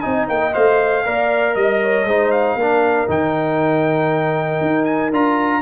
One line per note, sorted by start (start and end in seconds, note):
0.00 0.28 C4
0.00 0.52 D#4
0.00 1.04 D#5
0.00 0.25 G#5
0.28 0.54 A#3
0.28 0.54 G5
0.52 1.06 A3
0.52 1.03 C5
0.52 1.55 F5
1.05 1.56 A#3
1.05 2.06 A#4
1.05 1.54 D5
1.54 2.04 G3
1.54 1.80 D#5
1.54 2.31 D#5
1.82 2.07 C#5
2.04 2.55 G#3
2.04 2.59 D#4
2.04 2.56 C5
2.31 3.07 F5
2.55 3.06 A#3
2.55 3.08 D4
2.55 5.61 A#4
3.08 4.60 D#3
3.08 5.11 D#4
3.08 4.85 G5
4.60 5.11 D#4
4.85 5.10 G#5
5.11 5.62 D4
5.11 5.62 F4
5.11 5.62 A#5